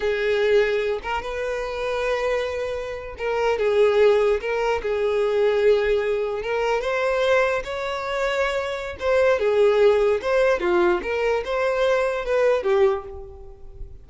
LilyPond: \new Staff \with { instrumentName = "violin" } { \time 4/4 \tempo 4 = 147 gis'2~ gis'8 ais'8 b'4~ | b'2.~ b'8. ais'16~ | ais'8. gis'2 ais'4 gis'16~ | gis'2.~ gis'8. ais'16~ |
ais'8. c''2 cis''4~ cis''16~ | cis''2 c''4 gis'4~ | gis'4 c''4 f'4 ais'4 | c''2 b'4 g'4 | }